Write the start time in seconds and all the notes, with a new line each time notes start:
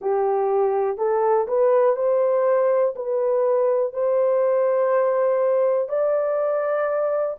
0.00 G4
0.97 A4
1.47 B4
1.95 C5
2.95 B4
3.93 C5
5.88 D5